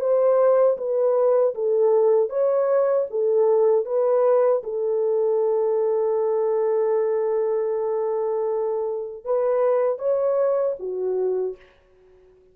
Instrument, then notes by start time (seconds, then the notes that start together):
horn
0.00 C5
0.77 B4
1.55 A4
2.29 C#5
3.10 A4
3.85 B4
4.63 A4
9.24 B4
9.99 C#5
10.79 F#4